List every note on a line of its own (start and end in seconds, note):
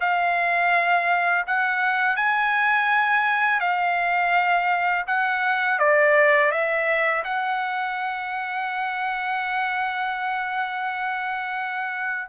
0.00 1.45 F5
1.46 2.16 F#5
2.16 3.60 G#5
3.60 5.04 F5
5.07 5.79 F#5
5.79 6.51 D5
6.51 7.23 E5
7.24 12.29 F#5